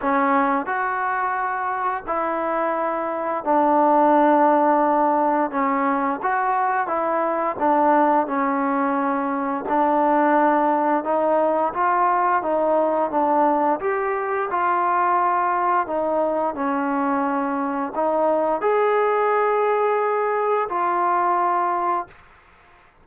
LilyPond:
\new Staff \with { instrumentName = "trombone" } { \time 4/4 \tempo 4 = 87 cis'4 fis'2 e'4~ | e'4 d'2. | cis'4 fis'4 e'4 d'4 | cis'2 d'2 |
dis'4 f'4 dis'4 d'4 | g'4 f'2 dis'4 | cis'2 dis'4 gis'4~ | gis'2 f'2 | }